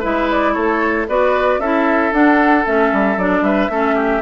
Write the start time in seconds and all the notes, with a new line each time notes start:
0.00 G#3 E4 B4 E5
0.30 D5
0.54 A3 A4 C#5
1.08 B3 F#4 B4 D5
1.59 C#4 E4 A4 E5
2.12 D4 F#5
2.65 A3 C#4 E5
2.93 G3
3.17 F#3 D4 D5
3.41 G3 B4 E5
3.70 A3 C#4 A4
3.95 G4